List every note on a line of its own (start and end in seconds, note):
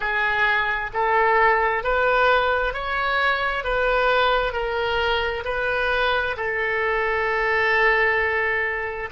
0.00 0.90 G#4
0.93 1.83 A4
1.83 2.73 B4
2.73 3.64 C#5
3.64 4.52 B4
4.52 5.43 A#4
5.45 6.36 B4
6.36 9.09 A4